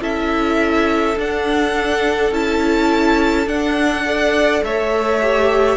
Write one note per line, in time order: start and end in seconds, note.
0.00 1.16 C#4
0.00 1.15 E4
0.00 4.05 A4
0.00 1.18 E5
1.16 2.31 D4
1.16 2.32 D4
1.16 2.33 F#5
2.31 3.46 C#4
2.31 3.46 E4
2.31 3.48 A5
3.46 4.04 D4
3.46 4.62 D4
3.46 4.63 F#5
4.05 5.20 A4
4.05 4.64 D5
4.63 5.77 A3
4.63 5.77 C#5
4.63 5.77 E5
5.21 5.77 G4